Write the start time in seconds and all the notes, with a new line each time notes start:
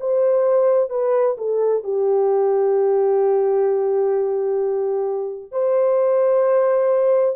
0.00 C5
0.90 B4
1.38 A4
1.84 G4
5.52 C5